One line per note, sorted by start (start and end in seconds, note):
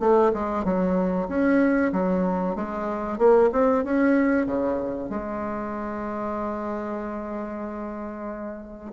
0.00 0.32 A3
0.33 0.64 G#3
0.64 1.28 F#3
1.28 1.92 C#4
1.92 2.55 F#3
2.55 3.18 G#3
3.18 3.50 A#3
3.52 3.84 C4
3.84 4.46 C#4
4.46 5.09 C#3
5.09 8.92 G#3